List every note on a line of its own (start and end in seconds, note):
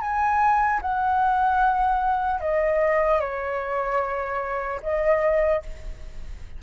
0.00 0.80 G#5
0.81 2.40 F#5
2.40 3.20 D#5
3.20 4.80 C#5
4.82 5.62 D#5